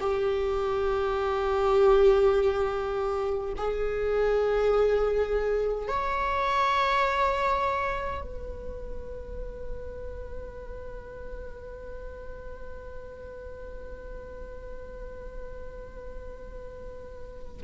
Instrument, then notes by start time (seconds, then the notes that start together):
viola
0.00 G4
3.57 G#4
5.88 C#5
8.21 B4